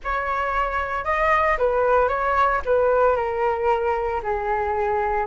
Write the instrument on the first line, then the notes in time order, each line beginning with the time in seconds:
flute
0.04 C#5
1.04 D#5
1.58 B4
2.08 C#5
2.65 B4
3.16 A#4
4.22 G#4